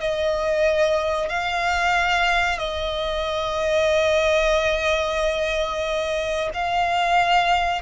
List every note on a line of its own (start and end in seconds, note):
0.00 1.29 D#5
1.29 2.59 F5
2.59 6.50 D#5
6.54 7.82 F5